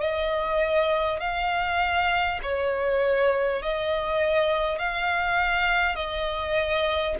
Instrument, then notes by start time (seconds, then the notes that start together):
violin
0.00 D#5
1.19 F5
2.42 C#5
3.62 D#5
4.79 F5
5.96 D#5